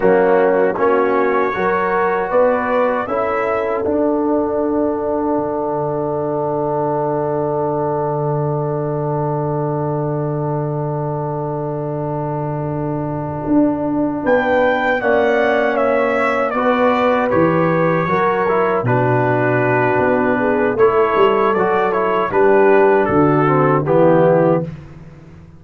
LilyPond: <<
  \new Staff \with { instrumentName = "trumpet" } { \time 4/4 \tempo 4 = 78 fis'4 cis''2 d''4 | e''4 fis''2.~ | fis''1~ | fis''1~ |
fis''2~ fis''8 g''4 fis''8~ | fis''8 e''4 d''4 cis''4.~ | cis''8 b'2~ b'8 cis''4 | d''8 cis''8 b'4 a'4 g'4 | }
  \new Staff \with { instrumentName = "horn" } { \time 4/4 cis'4 fis'4 ais'4 b'4 | a'1~ | a'1~ | a'1~ |
a'2~ a'8 b'4 d''8~ | d''8 cis''4 b'2 ais'8~ | ais'8 fis'2 gis'8 a'4~ | a'4 g'4 fis'4 e'4 | }
  \new Staff \with { instrumentName = "trombone" } { \time 4/4 ais4 cis'4 fis'2 | e'4 d'2.~ | d'1~ | d'1~ |
d'2.~ d'8 cis'8~ | cis'4. fis'4 g'4 fis'8 | e'8 d'2~ d'8 e'4 | fis'8 e'8 d'4. c'8 b4 | }
  \new Staff \with { instrumentName = "tuba" } { \time 4/4 fis4 ais4 fis4 b4 | cis'4 d'2 d4~ | d1~ | d1~ |
d4. d'4 b4 ais8~ | ais4. b4 e4 fis8~ | fis8 b,4. b4 a8 g8 | fis4 g4 d4 e4 | }
>>